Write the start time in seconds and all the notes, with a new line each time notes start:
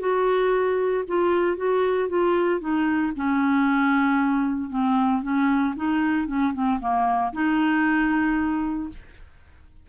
0.00 F#4
1.08 F4
1.57 F#4
2.09 F4
2.61 D#4
3.16 C#4
4.71 C4
5.23 C#4
5.76 D#4
6.28 C#4
6.54 C4
6.81 A#3
7.33 D#4